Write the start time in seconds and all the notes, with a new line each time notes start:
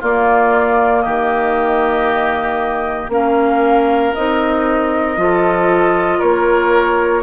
0.00 A#3 F4 D5
1.02 D#3 G4 D#5
3.08 A#3 C#4 A#4 F5
4.14 C4 D#4 D#5
5.16 F3 F4
5.22 A4
6.18 A#3 A#4 C#5